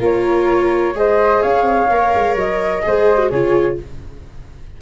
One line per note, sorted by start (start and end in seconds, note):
0.00 0.95 A#3
0.00 0.94 F4
0.00 0.94 A#4
0.00 0.98 C#5
0.95 1.42 G#3
0.95 1.89 G#4
0.95 1.42 C5
0.95 1.43 D#5
1.42 1.62 C#4
1.42 2.83 C#5
1.42 2.37 F5
1.62 1.86 C4
1.91 2.14 A#3
1.91 2.83 A#4
2.15 2.35 G#3
2.35 2.83 F#3
2.35 3.31 D#5
2.83 3.31 G#3
2.83 3.18 G#4
2.83 3.30 C5
3.18 3.30 F#4
3.30 3.79 C#3
3.30 3.82 F4
3.30 3.77 G#4
3.30 3.78 C#5